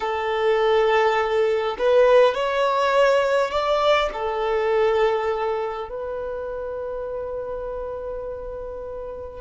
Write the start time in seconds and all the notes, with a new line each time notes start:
0.00 A4
1.78 B4
2.34 C#5
3.50 D5
4.13 A4
5.89 B4